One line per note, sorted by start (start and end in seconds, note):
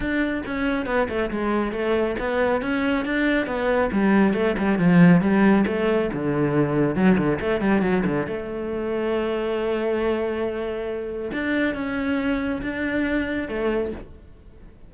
0.00 0.42 D4
0.45 0.86 C#4
0.86 1.08 B3
1.08 1.30 A3
1.30 1.72 G#3
1.72 2.15 A3
2.19 2.61 B3
2.61 3.05 C#4
3.05 3.46 D4
3.46 3.90 B3
3.92 4.33 G3
4.33 4.55 A3
4.58 4.78 G3
4.78 5.21 F3
5.21 5.64 G3
5.67 6.10 A3
6.12 6.95 D3
6.95 7.17 F#3
7.17 7.39 D3
7.40 7.60 A3
7.60 7.81 G3
7.81 8.03 F#3
8.05 8.26 D3
8.26 11.31 A3
11.32 11.74 D4
11.74 12.61 C#4
12.62 13.48 D4
13.48 13.92 A3